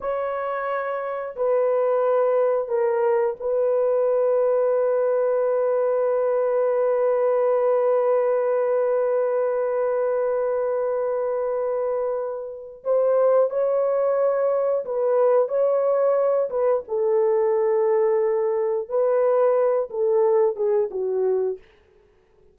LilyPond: \new Staff \with { instrumentName = "horn" } { \time 4/4 \tempo 4 = 89 cis''2 b'2 | ais'4 b'2.~ | b'1~ | b'1~ |
b'2. c''4 | cis''2 b'4 cis''4~ | cis''8 b'8 a'2. | b'4. a'4 gis'8 fis'4 | }